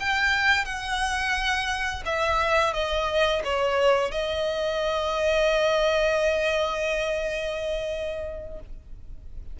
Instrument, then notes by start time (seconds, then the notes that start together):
violin
0.00 G5
0.65 F#5
2.06 E5
2.73 D#5
3.44 C#5
4.12 D#5